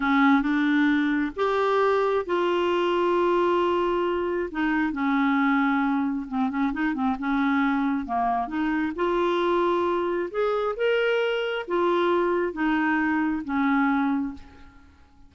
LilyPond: \new Staff \with { instrumentName = "clarinet" } { \time 4/4 \tempo 4 = 134 cis'4 d'2 g'4~ | g'4 f'2.~ | f'2 dis'4 cis'4~ | cis'2 c'8 cis'8 dis'8 c'8 |
cis'2 ais4 dis'4 | f'2. gis'4 | ais'2 f'2 | dis'2 cis'2 | }